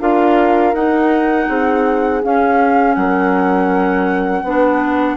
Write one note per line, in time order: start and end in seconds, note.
0.00 0.74 D4
0.00 0.74 F4
0.00 1.48 A#4
0.00 0.75 F5
0.74 1.48 D#4
0.74 2.23 D#4
0.74 2.23 F#5
1.49 2.23 C4
1.49 2.97 G#4
2.23 4.46 C#4
2.23 2.97 C#4
2.23 2.95 F5
2.95 4.44 F#3
2.95 4.46 A#4
2.95 5.17 F#5
4.44 5.17 B3
4.44 5.17 D4
4.44 5.17 B4